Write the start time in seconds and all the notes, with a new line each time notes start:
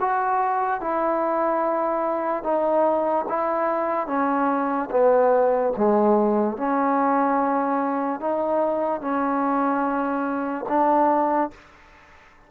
0.00 F#4
0.80 E4
2.43 D#4
3.28 E4
4.07 C#4
4.90 B3
5.76 G#3
6.56 C#4
8.20 D#4
9.00 C#4
10.68 D4